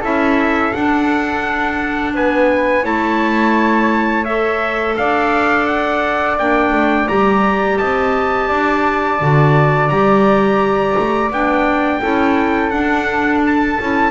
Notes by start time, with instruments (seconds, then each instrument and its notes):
0.00 double bass C#4, clarinet E4, flute A4, trumpet E5
0.73 double bass D4, clarinet D4, trumpet F#5
2.14 double bass B3, flute B4, trumpet G#5
2.82 double bass A3, clarinet E4, flute C#5, trumpet A5
4.24 clarinet A4, trumpet E5
4.96 double bass D4, flute D5, trumpet F5
5.66 trumpet F#5
6.38 double bass A#3, clarinet D4, trumpet G5
6.72 double bass A3
7.07 double bass G3, clarinet G4, trumpet A#5
7.77 double bass C4, flute D#5, trumpet A5
8.48 double bass D4, flute D5
9.20 double bass D3, clarinet F#4
9.88 double bass G3, clarinet G4, trumpet A#5
10.98 double bass A3
11.30 double bass B3, clarinet D4, trumpet G5
12.01 double bass C#4, clarinet E4, flute A4
12.70 clarinet D4, double bass D4, trumpet F#5
13.45 trumpet A5
13.80 double bass C#4, clarinet E4